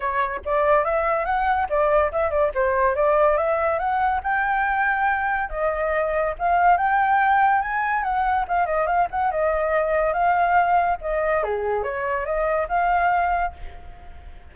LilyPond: \new Staff \with { instrumentName = "flute" } { \time 4/4 \tempo 4 = 142 cis''4 d''4 e''4 fis''4 | d''4 e''8 d''8 c''4 d''4 | e''4 fis''4 g''2~ | g''4 dis''2 f''4 |
g''2 gis''4 fis''4 | f''8 dis''8 f''8 fis''8 dis''2 | f''2 dis''4 gis'4 | cis''4 dis''4 f''2 | }